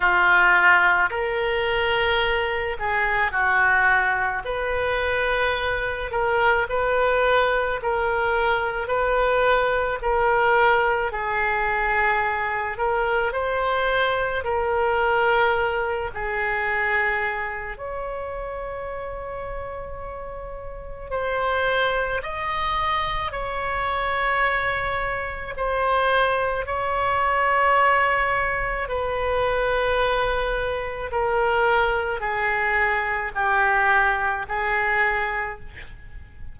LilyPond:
\new Staff \with { instrumentName = "oboe" } { \time 4/4 \tempo 4 = 54 f'4 ais'4. gis'8 fis'4 | b'4. ais'8 b'4 ais'4 | b'4 ais'4 gis'4. ais'8 | c''4 ais'4. gis'4. |
cis''2. c''4 | dis''4 cis''2 c''4 | cis''2 b'2 | ais'4 gis'4 g'4 gis'4 | }